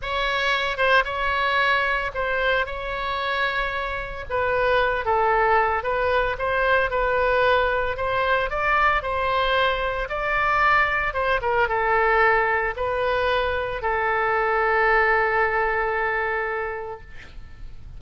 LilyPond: \new Staff \with { instrumentName = "oboe" } { \time 4/4 \tempo 4 = 113 cis''4. c''8 cis''2 | c''4 cis''2. | b'4. a'4. b'4 | c''4 b'2 c''4 |
d''4 c''2 d''4~ | d''4 c''8 ais'8 a'2 | b'2 a'2~ | a'1 | }